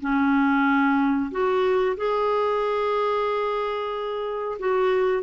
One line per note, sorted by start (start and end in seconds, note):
0.00 1.30 C#4
1.31 1.96 F#4
1.97 4.57 G#4
4.59 5.22 F#4